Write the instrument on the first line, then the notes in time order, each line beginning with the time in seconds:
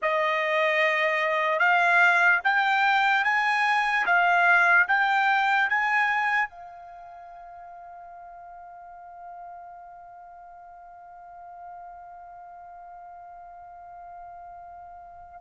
trumpet
0.01 D#5
1.58 F5
2.43 G5
3.24 G#5
4.05 F5
4.88 G5
5.69 G#5
6.49 F5